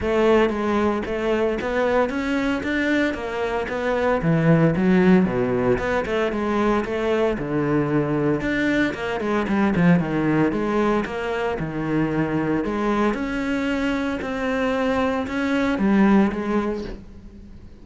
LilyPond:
\new Staff \with { instrumentName = "cello" } { \time 4/4 \tempo 4 = 114 a4 gis4 a4 b4 | cis'4 d'4 ais4 b4 | e4 fis4 b,4 b8 a8 | gis4 a4 d2 |
d'4 ais8 gis8 g8 f8 dis4 | gis4 ais4 dis2 | gis4 cis'2 c'4~ | c'4 cis'4 g4 gis4 | }